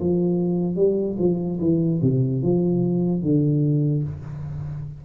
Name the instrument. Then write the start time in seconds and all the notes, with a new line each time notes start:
tuba
0.00 F3
0.76 G3
1.19 F3
1.60 E3
2.02 C3
2.42 F3
3.22 D3